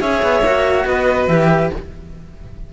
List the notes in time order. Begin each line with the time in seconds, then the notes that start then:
0.00 C#4 G#4 C#5 E5
0.22 B3
0.42 A#3 F#4
0.85 B3 B4 D#5
1.27 E3 G4 E5